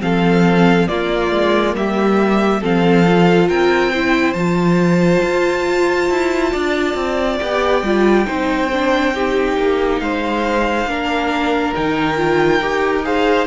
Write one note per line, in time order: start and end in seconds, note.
0.00 0.88 F3
0.00 0.87 C4
0.00 0.88 A4
0.00 0.87 F5
0.87 2.61 A#3
0.87 1.31 A#3
0.87 1.75 F4
0.87 1.74 D5
1.31 1.74 G#3
1.74 2.61 G3
1.74 2.61 G4
1.74 2.63 E5
2.61 3.49 F3
2.61 3.05 C4
2.61 3.48 A4
2.61 3.49 F5
3.05 3.92 F4
3.48 4.34 C4
3.48 3.91 A#4
3.48 4.33 G5
3.91 4.35 E4
3.91 6.51 C5
4.33 5.21 F3
4.33 7.39 F4
4.33 7.37 A5
5.22 6.09 F4
6.09 6.53 E4
6.51 6.94 D4
6.51 8.25 D5
6.94 7.38 C4
7.39 7.82 B3
7.39 7.84 G4
7.39 9.99 G5
7.82 8.26 G3
7.82 8.26 F4
8.26 9.57 C4
8.26 8.69 D#4
8.26 9.14 C5
8.72 9.14 D4
9.14 10.88 D#4
9.14 10.01 G4
9.57 10.00 A#3
9.99 10.85 G#3
9.99 10.89 C5
9.99 11.73 F5
10.85 11.72 A#3
10.85 11.74 D4
10.85 13.05 A#4
11.74 12.60 D#3
11.74 12.16 D#4
11.74 13.04 G5
12.16 12.60 F4
12.60 13.47 D#4
12.60 13.03 G4
13.03 13.47 G#4
13.03 13.47 C5
13.03 13.47 F5